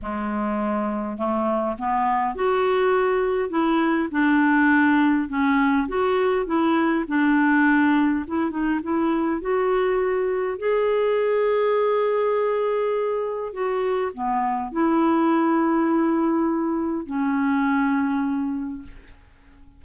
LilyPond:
\new Staff \with { instrumentName = "clarinet" } { \time 4/4 \tempo 4 = 102 gis2 a4 b4 | fis'2 e'4 d'4~ | d'4 cis'4 fis'4 e'4 | d'2 e'8 dis'8 e'4 |
fis'2 gis'2~ | gis'2. fis'4 | b4 e'2.~ | e'4 cis'2. | }